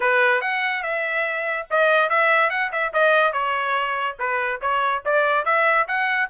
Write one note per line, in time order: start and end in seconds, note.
0.00 0.41 B4
0.41 0.82 F#5
0.82 1.66 E5
1.70 2.09 D#5
2.09 2.50 E5
2.50 2.71 F#5
2.72 2.93 E5
2.93 3.32 D#5
3.32 4.16 C#5
4.19 4.61 B4
4.61 5.03 C#5
5.05 5.45 D5
5.45 5.87 E5
5.87 6.29 F#5